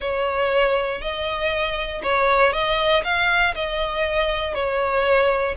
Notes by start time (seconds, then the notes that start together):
0.00 C#5
1.01 D#5
2.02 C#5
2.53 D#5
3.04 F5
3.55 D#5
4.54 C#5